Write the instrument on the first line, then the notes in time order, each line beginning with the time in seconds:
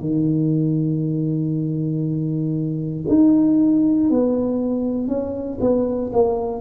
tuba
0.00 D#3
3.09 D#4
4.10 B3
5.08 C#4
5.60 B3
6.13 A#3